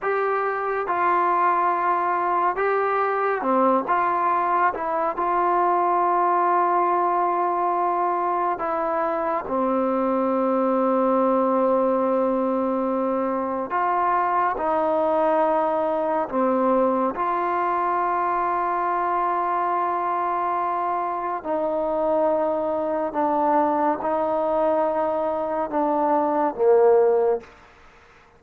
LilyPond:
\new Staff \with { instrumentName = "trombone" } { \time 4/4 \tempo 4 = 70 g'4 f'2 g'4 | c'8 f'4 e'8 f'2~ | f'2 e'4 c'4~ | c'1 |
f'4 dis'2 c'4 | f'1~ | f'4 dis'2 d'4 | dis'2 d'4 ais4 | }